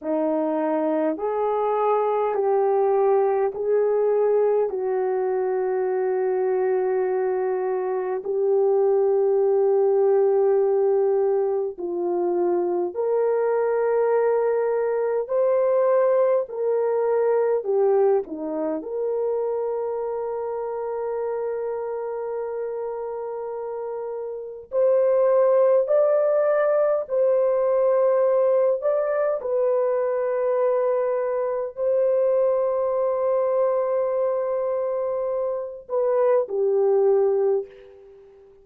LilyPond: \new Staff \with { instrumentName = "horn" } { \time 4/4 \tempo 4 = 51 dis'4 gis'4 g'4 gis'4 | fis'2. g'4~ | g'2 f'4 ais'4~ | ais'4 c''4 ais'4 g'8 dis'8 |
ais'1~ | ais'4 c''4 d''4 c''4~ | c''8 d''8 b'2 c''4~ | c''2~ c''8 b'8 g'4 | }